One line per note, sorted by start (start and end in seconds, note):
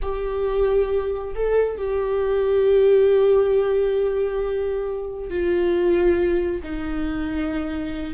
0.02 1.34 G4
1.35 1.77 A4
1.77 5.29 G4
5.29 6.62 F4
6.62 8.13 D#4